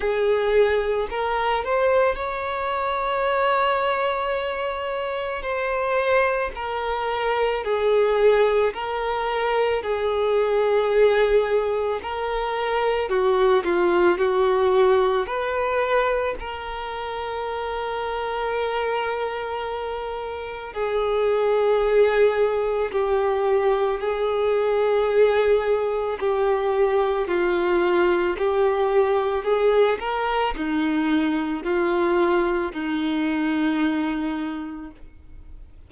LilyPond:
\new Staff \with { instrumentName = "violin" } { \time 4/4 \tempo 4 = 55 gis'4 ais'8 c''8 cis''2~ | cis''4 c''4 ais'4 gis'4 | ais'4 gis'2 ais'4 | fis'8 f'8 fis'4 b'4 ais'4~ |
ais'2. gis'4~ | gis'4 g'4 gis'2 | g'4 f'4 g'4 gis'8 ais'8 | dis'4 f'4 dis'2 | }